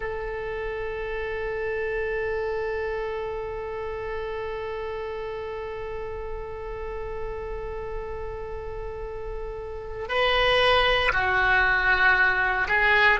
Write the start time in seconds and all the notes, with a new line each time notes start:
0.00 A4
10.08 B4
11.12 F#4
12.67 G#4